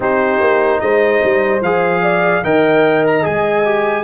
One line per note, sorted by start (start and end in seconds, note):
0.00 0.40 C4
0.00 1.60 D#4
0.00 0.81 G4
0.00 0.80 C5
0.40 0.81 A#3
0.80 1.22 G#3
0.80 2.02 C5
0.80 1.61 D#5
1.23 1.60 G3
1.60 2.41 F3
1.60 2.44 G#4
1.60 2.43 F5
2.02 2.43 D5
2.43 3.24 D#3
2.43 3.22 A#4
2.43 4.03 D#5
2.43 3.05 G5
3.06 3.25 A#5
3.22 4.03 G#3
3.22 3.62 G#4
3.22 4.03 G#5
3.65 4.03 G4